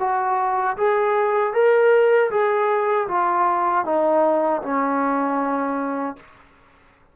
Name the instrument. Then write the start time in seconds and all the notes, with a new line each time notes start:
trombone
0.00 F#4
0.77 G#4
1.54 A#4
2.31 G#4
3.08 F4
3.85 D#4
4.63 C#4